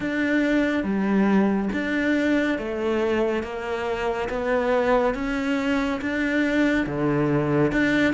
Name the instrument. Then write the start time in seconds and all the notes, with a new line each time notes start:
cello
0.00 D4
0.83 G3
1.73 D4
2.58 A3
3.43 A#3
4.29 B3
5.14 C#4
6.01 D4
6.86 D3
7.71 D4